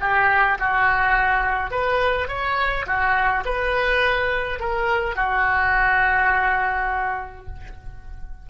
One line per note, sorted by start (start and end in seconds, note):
0.00 0.58 G4
0.59 1.70 F#4
1.70 2.28 B4
2.28 2.85 C#5
2.86 3.44 F#4
3.45 4.59 B4
4.59 5.15 A#4
5.15 7.46 F#4